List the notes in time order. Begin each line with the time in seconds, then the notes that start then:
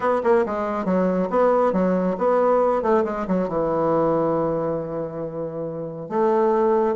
0.00 B3
0.23 A#3
0.46 G#3
0.85 F#3
1.29 B3
1.72 F#3
2.18 B3
2.82 A3
3.04 G#3
3.27 F#3
3.48 E3
6.09 A3